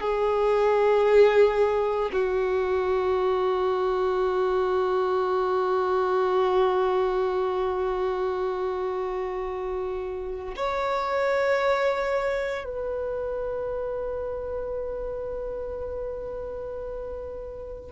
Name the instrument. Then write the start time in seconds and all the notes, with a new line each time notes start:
violin
0.00 G#4
2.12 F#4
10.56 C#5
12.65 B4